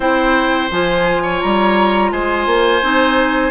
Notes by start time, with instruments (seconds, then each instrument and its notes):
0.00 bassoon C4, clarinet E4, oboe C5, flute G5
0.70 bassoon F3, clarinet F4, flute G#5
1.22 oboe C#5
1.41 bassoon G3, flute A#5
2.11 bassoon G#3, oboe C5, flute G#5
2.46 bassoon A#3
2.81 bassoon C4, clarinet D#4